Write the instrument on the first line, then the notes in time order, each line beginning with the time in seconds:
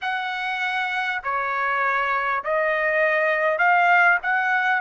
trumpet
0.01 F#5
1.23 C#5
2.44 D#5
3.58 F5
4.22 F#5